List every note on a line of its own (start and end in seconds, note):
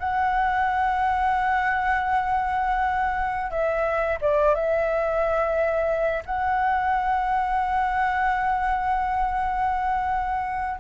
0.00 3.51 F#5
3.51 4.19 E5
4.22 4.55 D5
4.55 6.24 E5
6.26 10.80 F#5